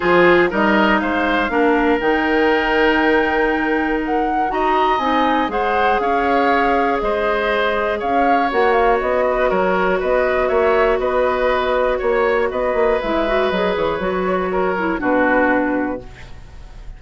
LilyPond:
<<
  \new Staff \with { instrumentName = "flute" } { \time 4/4 \tempo 4 = 120 c''4 dis''4 f''2 | g''1 | fis''4 ais''4 gis''4 fis''4 | f''2 dis''2 |
f''4 fis''8 f''8 dis''4 cis''4 | dis''4 e''4 dis''2 | cis''4 dis''4 e''4 dis''8 cis''8~ | cis''2 b'2 | }
  \new Staff \with { instrumentName = "oboe" } { \time 4/4 gis'4 ais'4 c''4 ais'4~ | ais'1~ | ais'4 dis''2 c''4 | cis''2 c''2 |
cis''2~ cis''8 b'8 ais'4 | b'4 cis''4 b'2 | cis''4 b'2.~ | b'4 ais'4 fis'2 | }
  \new Staff \with { instrumentName = "clarinet" } { \time 4/4 f'4 dis'2 d'4 | dis'1~ | dis'4 fis'4 dis'4 gis'4~ | gis'1~ |
gis'4 fis'2.~ | fis'1~ | fis'2 e'8 fis'8 gis'4 | fis'4. e'8 d'2 | }
  \new Staff \with { instrumentName = "bassoon" } { \time 4/4 f4 g4 gis4 ais4 | dis1~ | dis4 dis'4 c'4 gis4 | cis'2 gis2 |
cis'4 ais4 b4 fis4 | b4 ais4 b2 | ais4 b8 ais8 gis4 fis8 e8 | fis2 b,2 | }
>>